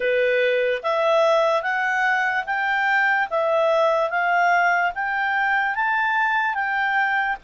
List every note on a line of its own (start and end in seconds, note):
0.00 0.81 B4
0.83 1.62 E5
1.62 2.44 F#5
2.46 3.28 G5
3.30 4.09 E5
4.09 4.92 F5
4.95 5.75 G5
5.75 6.54 A5
6.54 7.36 G5